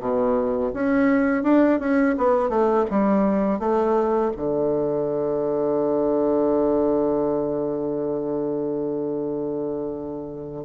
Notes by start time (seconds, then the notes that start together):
0.00 B2
0.74 C#4
1.44 D4
1.80 C#4
2.18 B3
2.49 A3
2.90 G3
3.59 A3
4.37 D3